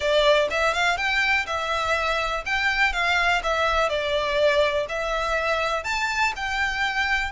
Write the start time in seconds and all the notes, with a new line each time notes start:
0.00 D5
0.50 E5
0.73 F5
0.97 G5
1.46 E5
2.45 G5
2.92 F5
3.43 E5
3.89 D5
4.88 E5
5.84 A5
6.36 G5